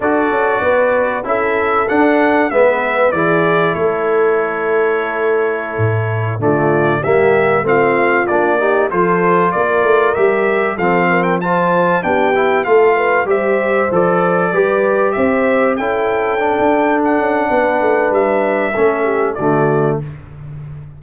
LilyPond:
<<
  \new Staff \with { instrumentName = "trumpet" } { \time 4/4 \tempo 4 = 96 d''2 e''4 fis''4 | e''4 d''4 cis''2~ | cis''2~ cis''16 d''4 e''8.~ | e''16 f''4 d''4 c''4 d''8.~ |
d''16 e''4 f''8. g''16 a''4 g''8.~ | g''16 f''4 e''4 d''4.~ d''16~ | d''16 e''4 g''2 fis''8.~ | fis''4 e''2 d''4 | }
  \new Staff \with { instrumentName = "horn" } { \time 4/4 a'4 b'4 a'2 | b'4 gis'4 a'2~ | a'2~ a'16 f'4 g'8.~ | g'16 f'4. g'8 a'4 ais'8.~ |
ais'4~ ais'16 a'8 ais'8 c''4 g'8.~ | g'16 a'8 b'8 c''2 b'8.~ | b'16 c''4 a'2~ a'8. | b'2 a'8 g'8 fis'4 | }
  \new Staff \with { instrumentName = "trombone" } { \time 4/4 fis'2 e'4 d'4 | b4 e'2.~ | e'2~ e'16 a4 ais8.~ | ais16 c'4 d'8 dis'8 f'4.~ f'16~ |
f'16 g'4 c'4 f'4 d'8 e'16~ | e'16 f'4 g'4 a'4 g'8.~ | g'4~ g'16 e'4 d'4.~ d'16~ | d'2 cis'4 a4 | }
  \new Staff \with { instrumentName = "tuba" } { \time 4/4 d'8 cis'8 b4 cis'4 d'4 | gis4 e4 a2~ | a4~ a16 a,4 d4 g8.~ | g16 a4 ais4 f4 ais8 a16~ |
a16 g4 f2 b8.~ | b16 a4 g4 f4 g8.~ | g16 c'4 cis'4~ cis'16 d'4 cis'8 | b8 a8 g4 a4 d4 | }
>>